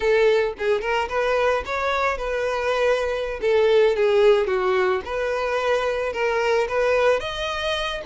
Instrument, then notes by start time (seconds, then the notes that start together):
violin
0.00 A4
0.58 G#4
0.81 A#4
1.09 B4
1.65 C#5
2.17 B4
3.41 A4
3.96 G#4
4.47 F#4
5.05 B4
6.12 A#4
6.68 B4
7.20 D#5